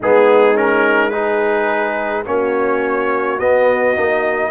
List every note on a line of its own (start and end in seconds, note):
0.00 2.26 G#3
0.00 0.54 B3
0.00 1.12 D#4
0.00 0.56 G#4
0.54 1.11 C#4
0.54 1.09 A#4
1.09 2.25 D#4
1.09 2.25 G#4
1.09 2.23 B4
2.26 3.39 A#3
2.26 3.39 C#4
2.26 4.51 F#4
2.26 3.39 C#5
3.39 3.95 B3
3.39 3.96 B3
3.39 4.51 D#5
3.96 4.51 A#3
3.96 4.51 D#4